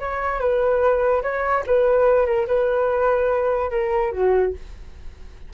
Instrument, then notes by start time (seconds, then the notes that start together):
flute
0.00 C#5
0.40 B4
1.23 C#5
1.67 B4
2.26 A#4
2.47 B4
3.71 A#4
4.12 F#4